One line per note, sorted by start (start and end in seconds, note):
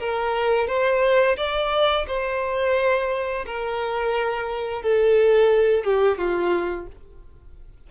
0.00 0.68 A#4
0.68 1.37 C5
1.37 2.06 D5
2.08 3.46 C5
3.46 4.83 A#4
4.83 5.84 A4
5.84 6.18 G4
6.18 6.87 F4